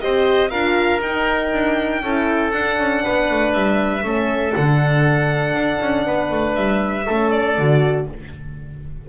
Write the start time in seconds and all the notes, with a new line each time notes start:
0.00 C4 G4 C5 D#5
0.50 D4 F4 A#4 F5
1.01 D#4 G5
1.52 D4
2.02 C#4 E4 A4
2.51 D4 F#5
2.78 C#4
3.04 B3 B4
3.30 A3
3.53 G3 E5
4.02 A3 C#4 A4
4.55 D3 D4 F#5
5.54 D4
5.81 C#4
6.06 B3 B4
6.31 A3
6.55 G3 E5
7.05 A3 C#4 A4
7.31 D5
7.58 D3 F#4